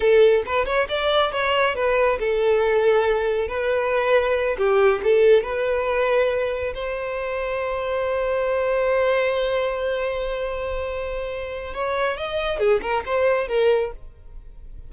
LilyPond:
\new Staff \with { instrumentName = "violin" } { \time 4/4 \tempo 4 = 138 a'4 b'8 cis''8 d''4 cis''4 | b'4 a'2. | b'2~ b'8 g'4 a'8~ | a'8 b'2. c''8~ |
c''1~ | c''1~ | c''2. cis''4 | dis''4 gis'8 ais'8 c''4 ais'4 | }